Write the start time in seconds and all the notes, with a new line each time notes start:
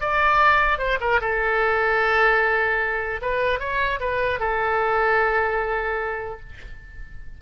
0.00 D5
0.78 C5
1.00 A#4
1.21 A4
3.21 B4
3.59 C#5
4.00 B4
4.39 A4